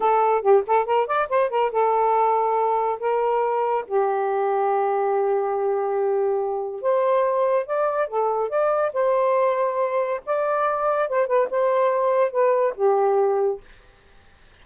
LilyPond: \new Staff \with { instrumentName = "saxophone" } { \time 4/4 \tempo 4 = 141 a'4 g'8 a'8 ais'8 d''8 c''8 ais'8 | a'2. ais'4~ | ais'4 g'2.~ | g'1 |
c''2 d''4 a'4 | d''4 c''2. | d''2 c''8 b'8 c''4~ | c''4 b'4 g'2 | }